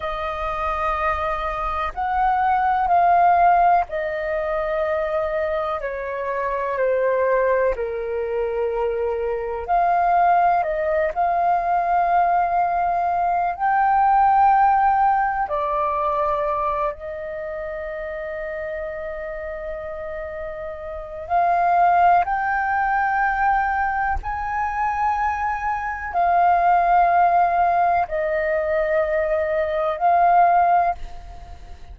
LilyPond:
\new Staff \with { instrumentName = "flute" } { \time 4/4 \tempo 4 = 62 dis''2 fis''4 f''4 | dis''2 cis''4 c''4 | ais'2 f''4 dis''8 f''8~ | f''2 g''2 |
d''4. dis''2~ dis''8~ | dis''2 f''4 g''4~ | g''4 gis''2 f''4~ | f''4 dis''2 f''4 | }